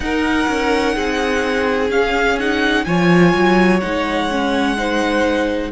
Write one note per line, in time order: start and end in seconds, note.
0.00 0.46 D#4
0.00 1.90 D#4
0.00 0.95 A#4
0.00 1.89 F#5
0.47 0.95 C#4
0.95 1.90 C4
0.95 2.85 G#4
1.90 2.85 C#4
1.90 2.38 C#4
1.90 2.38 F5
2.39 2.86 D#4
2.39 2.84 F#5
2.84 3.33 F3
2.84 3.81 F4
2.84 4.77 C#5
2.84 3.80 G#5
3.34 3.81 F#3
3.80 5.71 G#3
3.80 4.29 D#4
3.80 5.71 F#5
4.30 4.77 C#4
4.77 5.71 D#4
4.77 5.71 C5